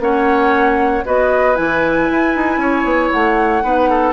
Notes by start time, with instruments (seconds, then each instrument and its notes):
0.00 bassoon A#3, clarinet C#4, oboe C#5, flute F#5
1.05 bassoon B3, clarinet F#4, oboe B4, flute D#5
1.56 bassoon E3, clarinet E4, flute G#5
2.11 bassoon E4
2.36 bassoon D#4
2.58 bassoon C#4, oboe C#5
2.84 bassoon B3
3.12 bassoon A3, flute F#5
3.62 bassoon B3, clarinet D#4, oboe B4
3.90 oboe A4